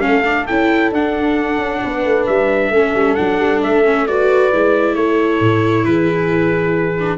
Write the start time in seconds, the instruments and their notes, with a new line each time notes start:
0.00 tuba A3, viola C#4, horn A4, trumpet F5
0.24 viola D4
0.46 tuba C#4, viola E4, trumpet G5
0.92 tuba D4, viola D4, trumpet F#5
1.58 tuba C#4
1.83 tuba B3, horn B4
2.05 tuba A3
2.26 tuba G3, trumpet E5
2.69 tuba A3, viola C#4, horn A4
2.94 tuba G3
3.14 tuba F#3, viola D4, trumpet F#5
3.39 tuba G3
3.62 tuba A3, trumpet E5
3.84 viola C#4
4.07 viola F#4, horn B4, trumpet D5
4.52 tuba G#3, viola E4
4.95 tuba A3, horn A4, trumpet C#5
5.40 tuba A2
5.85 tuba E3, horn G#4, trumpet B4
7.00 viola D4